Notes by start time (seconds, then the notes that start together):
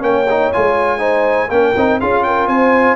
0.00 A#3 C#4 C#5 G5
0.30 D#4
0.52 G#3 F4 G#5
0.99 D#4 C5
1.49 A#3 C#4 A#4 G5
1.76 C4 D#4
2.00 C#4 F4 G#4 F5
2.23 A#4 G5
2.47 C4 C5 G#5